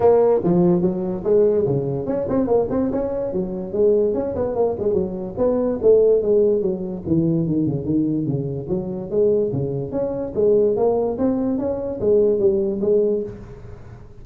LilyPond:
\new Staff \with { instrumentName = "tuba" } { \time 4/4 \tempo 4 = 145 ais4 f4 fis4 gis4 | cis4 cis'8 c'8 ais8 c'8 cis'4 | fis4 gis4 cis'8 b8 ais8 gis8 | fis4 b4 a4 gis4 |
fis4 e4 dis8 cis8 dis4 | cis4 fis4 gis4 cis4 | cis'4 gis4 ais4 c'4 | cis'4 gis4 g4 gis4 | }